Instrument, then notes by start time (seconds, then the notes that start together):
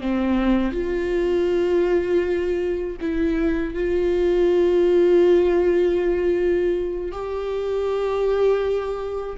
viola
0.00 C4
0.71 F4
3.00 E4
3.74 F4
7.11 G4